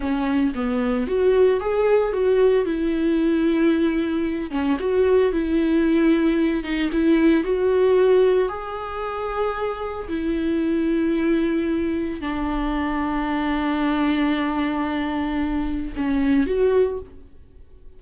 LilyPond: \new Staff \with { instrumentName = "viola" } { \time 4/4 \tempo 4 = 113 cis'4 b4 fis'4 gis'4 | fis'4 e'2.~ | e'8 cis'8 fis'4 e'2~ | e'8 dis'8 e'4 fis'2 |
gis'2. e'4~ | e'2. d'4~ | d'1~ | d'2 cis'4 fis'4 | }